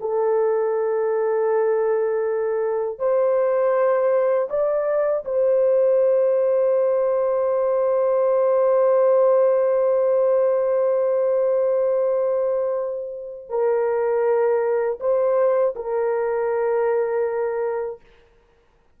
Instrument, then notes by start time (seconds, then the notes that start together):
horn
0.00 A4
2.98 C5
4.49 D5
5.25 C5
13.49 A#4
14.99 C5
15.75 A#4